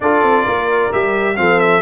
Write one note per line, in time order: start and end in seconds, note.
0.00 0.22 D4
0.00 0.92 F4
0.00 0.44 A4
0.00 0.92 D5
0.22 0.45 C4
0.44 0.92 A#3
0.44 1.35 A#4
0.92 1.38 G3
0.92 1.36 G4
0.92 1.37 E5
1.36 1.81 F3
1.36 1.81 C4
1.36 1.81 A4
1.36 1.59 F5
1.60 1.81 E5